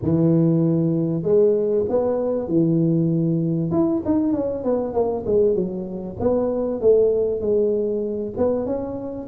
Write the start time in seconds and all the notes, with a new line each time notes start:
0.02 E3
1.22 G#3
1.89 B3
2.48 E3
3.71 E4
4.05 D#4
4.33 C#4
4.64 B3
4.93 A#3
5.26 G#3
5.55 F#3
6.20 B3
6.80 A3
7.40 G#3
8.37 B3
8.66 C#4